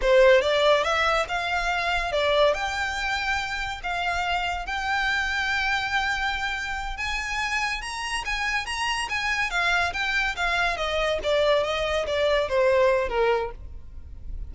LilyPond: \new Staff \with { instrumentName = "violin" } { \time 4/4 \tempo 4 = 142 c''4 d''4 e''4 f''4~ | f''4 d''4 g''2~ | g''4 f''2 g''4~ | g''1~ |
g''8 gis''2 ais''4 gis''8~ | gis''8 ais''4 gis''4 f''4 g''8~ | g''8 f''4 dis''4 d''4 dis''8~ | dis''8 d''4 c''4. ais'4 | }